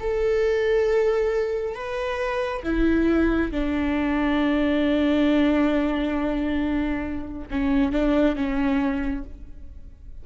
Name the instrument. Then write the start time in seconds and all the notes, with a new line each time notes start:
viola
0.00 A4
1.75 B4
2.64 E4
3.52 D4
7.51 C#4
7.93 D4
8.36 C#4